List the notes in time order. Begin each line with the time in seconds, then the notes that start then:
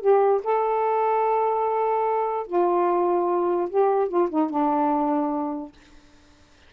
0.00 G4
0.43 A4
2.47 F4
3.69 G4
4.08 F4
4.29 D#4
4.50 D4